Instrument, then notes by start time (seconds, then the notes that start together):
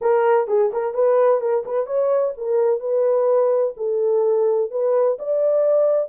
horn
0.01 A#4
0.47 G#4
0.72 A#4
0.94 B4
1.40 A#4
1.65 B4
1.86 C#5
2.37 A#4
2.80 B4
3.76 A4
4.70 B4
5.18 D5